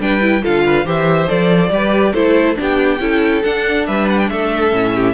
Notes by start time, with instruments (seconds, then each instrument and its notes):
0.00 cello G3, viola D4, violin B4 G5
0.21 viola E4
0.42 cello D3, viola F4, violin A4 F5
0.66 violin B4
0.85 cello E3, viola G4, violin C5 E5
1.27 cello F3, viola A4, violin D5
1.70 cello G3, viola G4, violin B4
2.13 cello A3, viola E4, violin A4 C5
2.56 cello B3, viola D4, violin G4
2.62 violin G5
3.00 cello C#4, viola E4, violin A4
3.43 viola D4, cello D4, violin F#5
3.87 cello G3, violin B4 E5
4.09 violin F#5
4.19 violin G5
4.29 cello A3, violin A4 E5
4.71 cello A2, viola C#4
4.95 violin G4